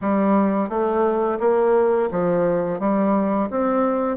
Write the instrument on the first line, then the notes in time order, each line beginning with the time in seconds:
bassoon
0.01 G3
0.68 A3
1.39 A#3
2.11 F3
2.79 G3
3.50 C4